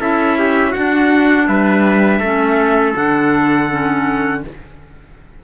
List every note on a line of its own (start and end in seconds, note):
0.00 0.74 C#4
0.00 0.74 E4
0.00 0.37 A4
0.00 0.73 E5
0.39 0.71 G4
0.71 2.23 D4
0.71 1.45 F#4
0.71 1.47 F#5
0.77 1.48 D4
1.48 2.20 G3
1.48 2.20 B4
1.48 2.96 E5
2.20 2.94 A3
2.20 2.95 C#4
2.20 4.42 A4
2.95 4.44 D3
2.95 3.69 D4
2.95 4.44 F#5
3.71 4.45 C#4